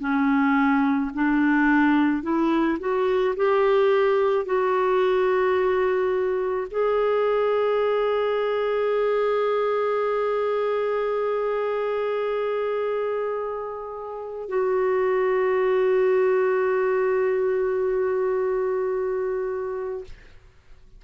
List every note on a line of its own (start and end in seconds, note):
0.00 1.11 C#4
1.14 2.23 D4
2.23 2.78 E4
2.80 3.35 F#4
3.36 4.45 G4
4.45 6.68 F#4
6.71 14.48 G#4
14.49 20.05 F#4